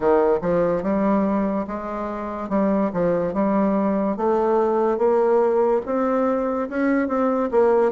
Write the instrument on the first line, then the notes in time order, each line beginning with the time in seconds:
bassoon
0.00 D#3
0.41 F3
0.83 G3
1.67 G#3
2.49 G3
2.93 F3
3.33 G3
4.16 A3
4.98 A#3
5.85 C4
6.69 C#4
7.08 C4
7.51 A#3